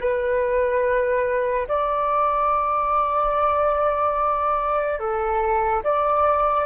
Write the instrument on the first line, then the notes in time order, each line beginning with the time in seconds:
flute
0.00 B4
1.68 D5
4.99 A4
5.83 D5